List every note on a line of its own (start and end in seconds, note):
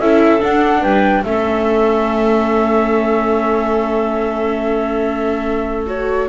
0.00 0.42 C#4
0.00 0.40 E4
0.00 0.81 A4
0.00 0.42 E5
0.40 1.24 D4
0.40 0.83 D4
0.40 0.83 F#5
0.81 1.24 G3
0.81 1.23 B4
0.81 1.24 G5
1.24 6.28 A3
1.24 5.87 C#4
1.24 6.30 A4
1.24 5.85 E5
5.87 6.28 F#4
5.87 6.30 C#5